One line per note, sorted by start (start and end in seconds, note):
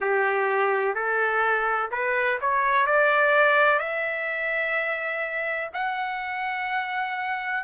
0.00 0.94 G4
0.94 1.90 A4
1.91 2.39 B4
2.41 2.86 C#5
2.86 3.79 D5
3.79 5.69 E5
5.73 7.64 F#5